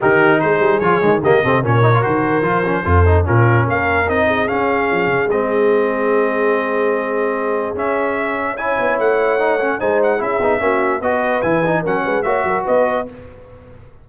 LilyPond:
<<
  \new Staff \with { instrumentName = "trumpet" } { \time 4/4 \tempo 4 = 147 ais'4 c''4 cis''4 dis''4 | cis''4 c''2. | ais'4 f''4 dis''4 f''4~ | f''4 dis''2.~ |
dis''2. e''4~ | e''4 gis''4 fis''2 | gis''8 fis''8 e''2 dis''4 | gis''4 fis''4 e''4 dis''4 | }
  \new Staff \with { instrumentName = "horn" } { \time 4/4 g'4 gis'2 g'8 a'8 | ais'2. a'4 | f'4 ais'4. gis'4.~ | gis'1~ |
gis'1~ | gis'4 cis''2. | c''4 gis'4 fis'4 b'4~ | b'4 ais'8 b'8 cis''8 ais'8 b'4 | }
  \new Staff \with { instrumentName = "trombone" } { \time 4/4 dis'2 f'8 gis8 ais8 c'8 | cis'8 dis'16 f'16 fis'4 f'8 cis'8 f'8 dis'8 | cis'2 dis'4 cis'4~ | cis'4 c'2.~ |
c'2. cis'4~ | cis'4 e'2 dis'8 cis'8 | dis'4 e'8 dis'8 cis'4 fis'4 | e'8 dis'8 cis'4 fis'2 | }
  \new Staff \with { instrumentName = "tuba" } { \time 4/4 dis4 gis8 g8 f8 dis8 cis8 c8 | ais,4 dis4 f4 f,4 | ais,4 ais4 c'4 cis'4 | f8 cis8 gis2.~ |
gis2. cis'4~ | cis'4. b8 a2 | gis4 cis'8 b8 ais4 b4 | e4 fis8 gis8 ais8 fis8 b4 | }
>>